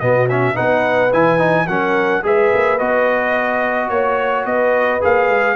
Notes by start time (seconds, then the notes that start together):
0.00 B2 B3 F#4 D#5
0.30 C#4 E5
0.55 B3 D#4 B4 F#5
1.13 E3 E4 G#5
1.39 D#4
1.68 F#3 C#4 A#4 F#5
2.23 G#3 G#4 B4 E5
2.54 A#3
2.79 B3 F#4 D#5
3.90 A#3 C#5
4.46 B3 B4 D#5
5.01 A#3 G#4 F5
5.29 G#3